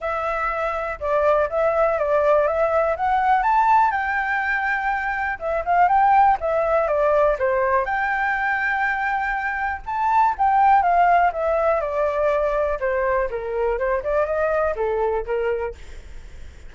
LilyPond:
\new Staff \with { instrumentName = "flute" } { \time 4/4 \tempo 4 = 122 e''2 d''4 e''4 | d''4 e''4 fis''4 a''4 | g''2. e''8 f''8 | g''4 e''4 d''4 c''4 |
g''1 | a''4 g''4 f''4 e''4 | d''2 c''4 ais'4 | c''8 d''8 dis''4 a'4 ais'4 | }